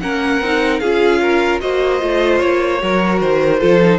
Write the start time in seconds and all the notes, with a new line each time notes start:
0.00 A#3 C#4 A#4 F#5
0.41 C4 D#4
0.79 C#4 F4 G#4 F5
1.21 A#4
1.60 A#3 F#4 C5 D#5
2.00 A3 F4
2.39 A#3 C#5
2.80 F#3 F#4 A#4
3.21 D#3 C5
3.59 F3 F4 A4
3.83 D#4